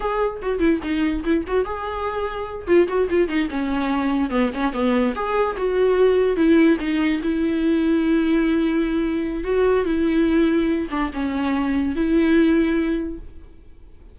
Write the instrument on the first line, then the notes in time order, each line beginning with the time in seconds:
viola
0.00 G#4
0.42 F#4
0.59 E4
0.82 D#4
1.23 E4
1.47 F#4
1.65 G#4
2.67 F4
2.87 F#4
3.09 F4
3.28 D#4
3.50 C#4
4.30 B3
4.53 C#4
4.73 B3
5.15 G#4
5.57 F#4
6.36 E4
6.80 D#4
7.22 E4
9.44 F#4
9.85 E4
10.90 D4
11.13 C#4
11.95 E4